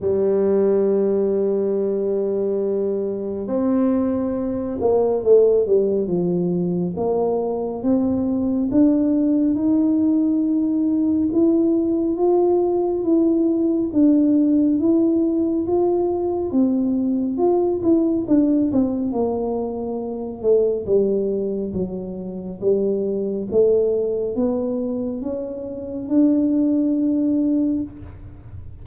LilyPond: \new Staff \with { instrumentName = "tuba" } { \time 4/4 \tempo 4 = 69 g1 | c'4. ais8 a8 g8 f4 | ais4 c'4 d'4 dis'4~ | dis'4 e'4 f'4 e'4 |
d'4 e'4 f'4 c'4 | f'8 e'8 d'8 c'8 ais4. a8 | g4 fis4 g4 a4 | b4 cis'4 d'2 | }